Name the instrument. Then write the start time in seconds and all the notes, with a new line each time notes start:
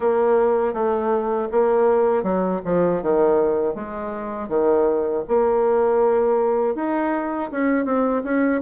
bassoon
0.00 A#3
0.73 A3
1.51 A#3
2.23 F#3
2.65 F3
3.02 D#3
3.75 G#3
4.48 D#3
5.27 A#3
6.75 D#4
7.51 C#4
7.85 C4
8.24 C#4